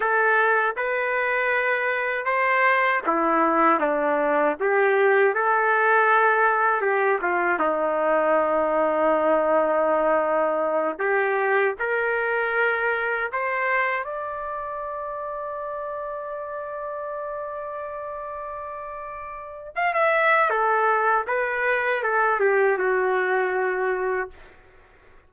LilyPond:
\new Staff \with { instrumentName = "trumpet" } { \time 4/4 \tempo 4 = 79 a'4 b'2 c''4 | e'4 d'4 g'4 a'4~ | a'4 g'8 f'8 dis'2~ | dis'2~ dis'8 g'4 ais'8~ |
ais'4. c''4 d''4.~ | d''1~ | d''2 f''16 e''8. a'4 | b'4 a'8 g'8 fis'2 | }